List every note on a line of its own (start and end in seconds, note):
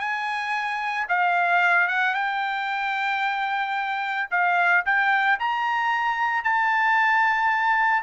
0.00 1.07 G#5
1.09 1.88 F5
1.88 2.15 F#5
2.15 4.29 G5
4.31 4.85 F5
4.86 5.39 G5
5.40 6.44 A#5
6.44 8.03 A5